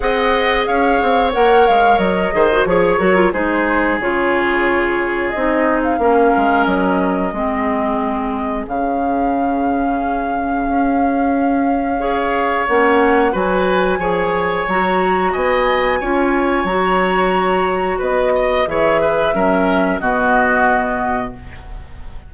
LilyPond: <<
  \new Staff \with { instrumentName = "flute" } { \time 4/4 \tempo 4 = 90 fis''4 f''4 fis''8 f''8 dis''4 | cis''8 ais'8 c''4 cis''2 | dis''8. f''4~ f''16 dis''2~ | dis''4 f''2.~ |
f''2. fis''4 | gis''2 ais''4 gis''4~ | gis''4 ais''2 dis''4 | e''2 dis''2 | }
  \new Staff \with { instrumentName = "oboe" } { \time 4/4 dis''4 cis''2~ cis''8 c''8 | cis''4 gis'2.~ | gis'4 ais'2 gis'4~ | gis'1~ |
gis'2 cis''2 | b'4 cis''2 dis''4 | cis''2. b'8 dis''8 | cis''8 b'8 ais'4 fis'2 | }
  \new Staff \with { instrumentName = "clarinet" } { \time 4/4 gis'2 ais'4. gis'16 fis'16 | gis'8 fis'16 f'16 dis'4 f'2 | dis'4 cis'2 c'4~ | c'4 cis'2.~ |
cis'2 gis'4 cis'4 | fis'4 gis'4 fis'2 | f'4 fis'2. | gis'4 cis'4 b2 | }
  \new Staff \with { instrumentName = "bassoon" } { \time 4/4 c'4 cis'8 c'8 ais8 gis8 fis8 dis8 | f8 fis8 gis4 cis2 | c'4 ais8 gis8 fis4 gis4~ | gis4 cis2. |
cis'2. ais4 | fis4 f4 fis4 b4 | cis'4 fis2 b4 | e4 fis4 b,2 | }
>>